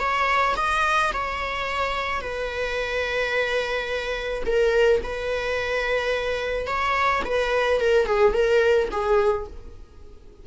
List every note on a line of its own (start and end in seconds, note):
0.00 0.56 C#5
0.57 1.13 D#5
1.14 2.22 C#5
2.22 4.44 B4
4.46 5.02 A#4
5.04 6.67 B4
6.67 7.23 C#5
7.26 7.81 B4
7.81 8.07 A#4
8.07 8.34 G#4
8.34 8.89 A#4
8.92 9.47 G#4